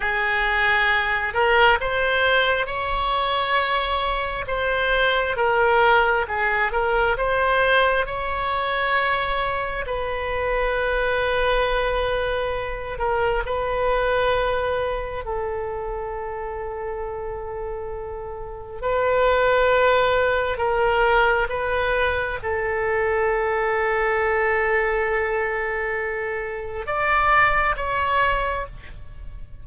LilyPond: \new Staff \with { instrumentName = "oboe" } { \time 4/4 \tempo 4 = 67 gis'4. ais'8 c''4 cis''4~ | cis''4 c''4 ais'4 gis'8 ais'8 | c''4 cis''2 b'4~ | b'2~ b'8 ais'8 b'4~ |
b'4 a'2.~ | a'4 b'2 ais'4 | b'4 a'2.~ | a'2 d''4 cis''4 | }